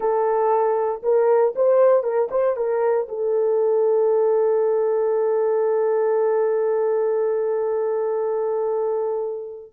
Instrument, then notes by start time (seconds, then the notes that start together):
horn
0.00 A4
1.02 A#4
1.55 C5
2.03 A#4
2.31 C5
2.56 A#4
3.08 A4